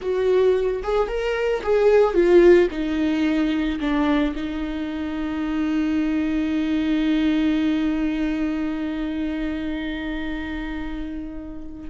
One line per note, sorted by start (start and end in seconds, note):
0.01 0.82 F#4
0.83 1.08 G#4
1.08 1.62 A#4
1.62 2.14 G#4
2.14 2.68 F4
2.71 3.79 D#4
3.80 4.34 D4
4.35 11.89 D#4